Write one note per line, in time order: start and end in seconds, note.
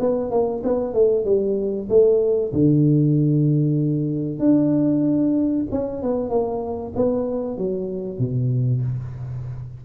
0.00 0.31 B3
0.31 0.63 A#3
0.64 0.94 B3
0.94 1.25 A3
1.25 1.88 G3
1.89 2.53 A3
2.53 4.40 D3
4.40 5.66 D4
5.71 6.03 C#4
6.03 6.30 B3
6.30 6.93 A#3
6.96 7.58 B3
7.58 8.19 F#3
8.19 8.82 B2